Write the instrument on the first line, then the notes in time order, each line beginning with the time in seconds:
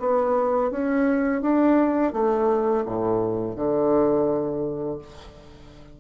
bassoon
0.00 B3
0.71 C#4
1.42 D4
2.13 A3
2.86 A2
3.56 D3